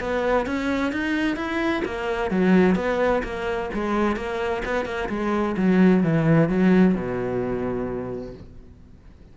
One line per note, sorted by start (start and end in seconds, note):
0.00 0.46 B3
0.46 0.92 C#4
0.92 1.36 D#4
1.36 1.83 E4
1.85 2.31 A#3
2.31 2.75 F#3
2.75 3.22 B3
3.23 3.70 A#3
3.74 4.16 G#3
4.16 4.63 A#3
4.65 4.85 B3
4.85 5.09 A#3
5.09 5.56 G#3
5.57 6.03 F#3
6.03 6.49 E3
6.49 6.95 F#3
6.95 8.34 B2